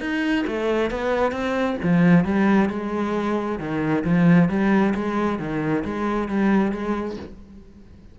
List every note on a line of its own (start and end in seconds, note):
0.00 0.45 D#4
0.47 0.90 A3
0.90 1.31 B3
1.31 1.76 C4
1.83 2.24 F3
2.24 2.69 G3
2.69 3.59 G#3
3.59 4.04 D#3
4.04 4.49 F3
4.49 4.94 G3
4.94 5.39 G#3
5.39 5.84 D#3
5.85 6.28 G#3
6.28 6.72 G3
6.72 7.16 G#3